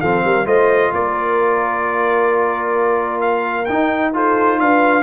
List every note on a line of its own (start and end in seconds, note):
0.00 0.24 F3
0.00 0.45 C4
0.00 0.23 A4
0.00 0.46 F5
0.24 0.46 G3
0.24 0.46 A#4
0.45 0.91 A3
0.45 3.66 F4
0.45 0.92 C5
0.45 0.93 D#5
0.92 3.68 A#3
0.92 4.13 A#4
0.92 3.20 D5
3.20 3.65 F5
3.65 4.14 D#4
3.65 4.60 D#4
3.65 4.11 G5
4.14 5.03 F4
4.14 4.60 A4
4.14 4.59 C5
4.59 5.03 D4
4.59 5.03 B4
4.59 5.03 F5